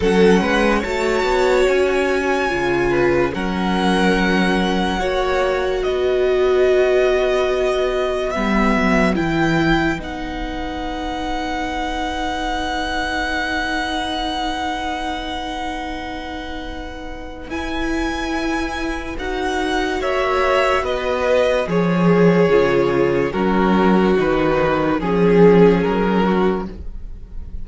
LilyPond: <<
  \new Staff \with { instrumentName = "violin" } { \time 4/4 \tempo 4 = 72 fis''4 a''4 gis''2 | fis''2. dis''4~ | dis''2 e''4 g''4 | fis''1~ |
fis''1~ | fis''4 gis''2 fis''4 | e''4 dis''4 cis''2 | ais'4 b'4 gis'4 ais'4 | }
  \new Staff \with { instrumentName = "violin" } { \time 4/4 a'8 b'8 cis''2~ cis''8 b'8 | ais'2 cis''4 b'4~ | b'1~ | b'1~ |
b'1~ | b'1 | cis''4 b'4 gis'2 | fis'2 gis'4. fis'8 | }
  \new Staff \with { instrumentName = "viola" } { \time 4/4 cis'4 fis'2 f'4 | cis'2 fis'2~ | fis'2 b4 e'4 | dis'1~ |
dis'1~ | dis'4 e'2 fis'4~ | fis'2 gis'4 f'4 | cis'4 dis'4 cis'2 | }
  \new Staff \with { instrumentName = "cello" } { \time 4/4 fis8 gis8 a8 b8 cis'4 cis4 | fis2 ais4 b4~ | b2 g8 fis8 e4 | b1~ |
b1~ | b4 e'2 dis'4 | ais4 b4 f4 cis4 | fis4 dis4 f4 fis4 | }
>>